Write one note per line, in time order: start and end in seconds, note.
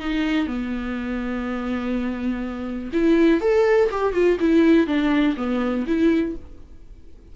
0.00 0.47 D#4
0.47 2.91 B3
2.93 3.41 E4
3.41 3.90 A4
3.91 4.14 G4
4.14 4.38 F4
4.40 4.87 E4
4.87 5.36 D4
5.37 5.86 B3
5.87 6.36 E4